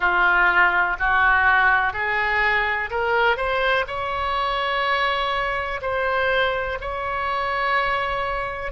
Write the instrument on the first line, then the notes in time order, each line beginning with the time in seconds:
oboe
0.00 F4
0.99 F#4
1.93 G#4
2.90 A#4
3.36 C5
3.87 C#5
5.81 C5
6.80 C#5